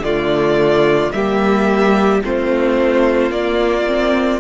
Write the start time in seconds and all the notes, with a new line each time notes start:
0.00 D3 A3 F4 D5
1.11 G3 A#3 G4 E5
2.23 A3 C4 F4 C5
3.31 A#3 D5
3.86 C4